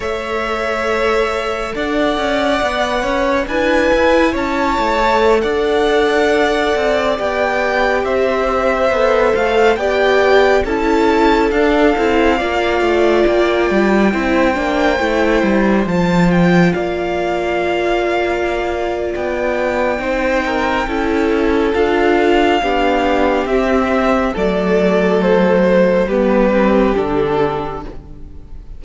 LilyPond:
<<
  \new Staff \with { instrumentName = "violin" } { \time 4/4 \tempo 4 = 69 e''2 fis''2 | gis''4 a''4~ a''16 fis''4.~ fis''16~ | fis''16 g''4 e''4. f''8 g''8.~ | g''16 a''4 f''2 g''8.~ |
g''2~ g''16 a''8 g''8 f''8.~ | f''2 g''2~ | g''4 f''2 e''4 | d''4 c''4 b'4 a'4 | }
  \new Staff \with { instrumentName = "violin" } { \time 4/4 cis''2 d''4. cis''8 | b'4 cis''4~ cis''16 d''4.~ d''16~ | d''4~ d''16 c''2 d''8.~ | d''16 a'2 d''4.~ d''16~ |
d''16 c''2. d''8.~ | d''2. c''8 ais'8 | a'2 g'2 | a'2 g'2 | }
  \new Staff \with { instrumentName = "viola" } { \time 4/4 a'2. b'4 | e'4.~ e'16 a'2~ a'16~ | a'16 g'2 a'4 g'8.~ | g'16 e'4 d'8 e'8 f'4.~ f'16~ |
f'16 e'8 d'8 e'4 f'4.~ f'16~ | f'2. dis'4 | e'4 f'4 d'4 c'4 | a2 b8 c'8 d'4 | }
  \new Staff \with { instrumentName = "cello" } { \time 4/4 a2 d'8 cis'8 b8 cis'8 | d'8 e'8 cis'8 a8. d'4. c'16~ | c'16 b4 c'4 b8 a8 b8.~ | b16 cis'4 d'8 c'8 ais8 a8 ais8 g16~ |
g16 c'8 ais8 a8 g8 f4 ais8.~ | ais2 b4 c'4 | cis'4 d'4 b4 c'4 | fis2 g4 d4 | }
>>